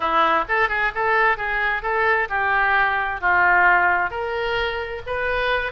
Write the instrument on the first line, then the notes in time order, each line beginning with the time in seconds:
oboe
0.00 E4
0.48 A4
0.68 G#4
0.94 A4
1.37 G#4
1.82 A4
2.29 G4
3.20 F4
4.10 A#4
5.06 B4